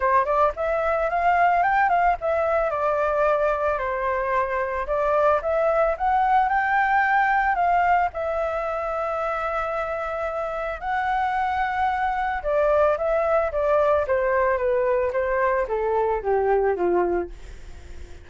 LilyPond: \new Staff \with { instrumentName = "flute" } { \time 4/4 \tempo 4 = 111 c''8 d''8 e''4 f''4 g''8 f''8 | e''4 d''2 c''4~ | c''4 d''4 e''4 fis''4 | g''2 f''4 e''4~ |
e''1 | fis''2. d''4 | e''4 d''4 c''4 b'4 | c''4 a'4 g'4 f'4 | }